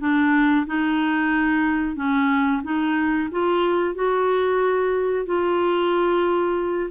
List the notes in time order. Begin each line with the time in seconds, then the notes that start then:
0.00 D4
0.66 D#4
1.96 C#4
2.63 D#4
3.31 F4
3.95 F#4
5.25 F4